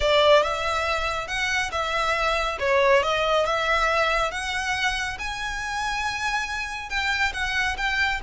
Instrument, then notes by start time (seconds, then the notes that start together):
violin
0.00 D5
0.43 E5
1.27 F#5
1.71 E5
2.59 C#5
3.02 D#5
3.45 E5
4.31 F#5
5.18 G#5
6.89 G5
7.33 F#5
7.77 G5